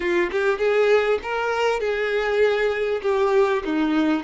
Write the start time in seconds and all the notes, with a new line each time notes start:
0.00 F4
0.31 G4
0.58 G#4
1.23 A#4
1.79 G#4
3.02 G4
3.64 D#4